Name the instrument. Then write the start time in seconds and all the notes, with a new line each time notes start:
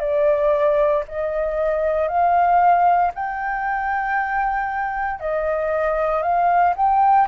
flute
0.00 D5
1.08 D#5
2.08 F5
3.15 G5
5.20 D#5
6.23 F5
6.76 G5